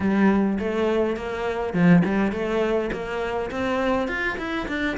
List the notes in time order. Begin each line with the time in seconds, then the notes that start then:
0.00 G3
0.59 A3
1.16 A#3
1.73 F3
2.04 G3
2.32 A3
2.92 A#3
3.50 C4
4.08 F4
4.38 E4
4.68 D4